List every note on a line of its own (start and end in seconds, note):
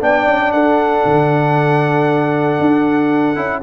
0.00 0.26 B3
0.00 3.36 D4
0.00 0.54 D5
0.00 0.52 G5
0.26 0.52 C#4
0.52 1.04 D4
0.52 3.62 A4
0.52 3.62 F#5
1.05 2.59 D3
2.59 3.36 D4
3.36 3.62 C#4
3.36 3.62 E4